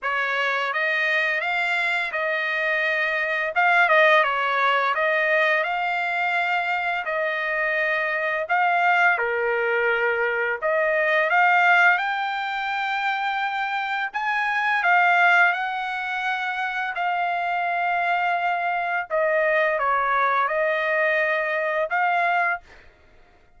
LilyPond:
\new Staff \with { instrumentName = "trumpet" } { \time 4/4 \tempo 4 = 85 cis''4 dis''4 f''4 dis''4~ | dis''4 f''8 dis''8 cis''4 dis''4 | f''2 dis''2 | f''4 ais'2 dis''4 |
f''4 g''2. | gis''4 f''4 fis''2 | f''2. dis''4 | cis''4 dis''2 f''4 | }